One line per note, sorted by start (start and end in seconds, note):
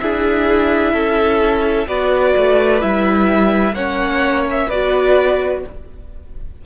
0.00 0.94 D4
0.00 1.88 E4
0.00 0.94 G#4
0.00 1.88 E5
0.94 1.88 C#4
0.94 1.88 A4
1.88 2.35 B3
1.88 2.81 F#4
1.88 3.75 B4
1.88 2.82 D5
2.37 2.83 A3
2.81 3.73 G3
2.81 3.75 E4
2.81 3.75 E5
3.73 4.67 A#3
3.73 4.70 C#4
3.73 4.68 C#5
3.73 4.46 F#5
4.51 4.70 E5
4.68 5.64 B3
4.68 5.66 F#4
4.68 5.62 B4
4.68 5.64 D5